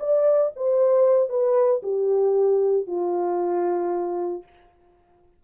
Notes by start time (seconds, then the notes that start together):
0.00 D5
0.57 C5
1.30 B4
1.84 G4
2.87 F4